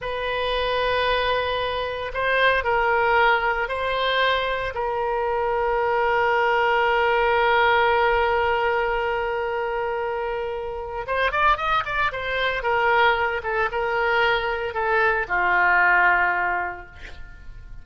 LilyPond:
\new Staff \with { instrumentName = "oboe" } { \time 4/4 \tempo 4 = 114 b'1 | c''4 ais'2 c''4~ | c''4 ais'2.~ | ais'1~ |
ais'1~ | ais'4 c''8 d''8 dis''8 d''8 c''4 | ais'4. a'8 ais'2 | a'4 f'2. | }